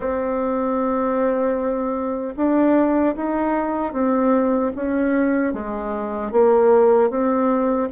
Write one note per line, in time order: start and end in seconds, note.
0.00 2.35 C4
2.36 3.15 D4
3.15 3.93 D#4
3.93 4.72 C4
4.75 5.53 C#4
5.53 6.31 G#3
6.31 7.09 A#3
7.09 7.88 C4